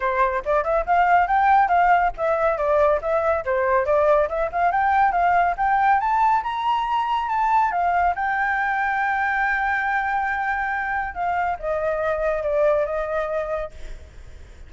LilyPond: \new Staff \with { instrumentName = "flute" } { \time 4/4 \tempo 4 = 140 c''4 d''8 e''8 f''4 g''4 | f''4 e''4 d''4 e''4 | c''4 d''4 e''8 f''8 g''4 | f''4 g''4 a''4 ais''4~ |
ais''4 a''4 f''4 g''4~ | g''1~ | g''2 f''4 dis''4~ | dis''4 d''4 dis''2 | }